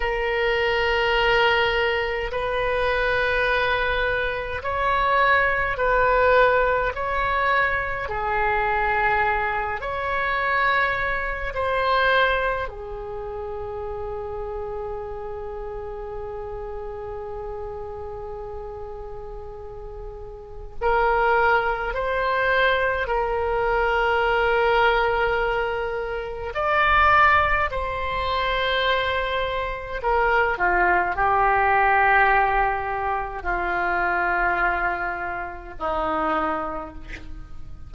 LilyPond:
\new Staff \with { instrumentName = "oboe" } { \time 4/4 \tempo 4 = 52 ais'2 b'2 | cis''4 b'4 cis''4 gis'4~ | gis'8 cis''4. c''4 gis'4~ | gis'1~ |
gis'2 ais'4 c''4 | ais'2. d''4 | c''2 ais'8 f'8 g'4~ | g'4 f'2 dis'4 | }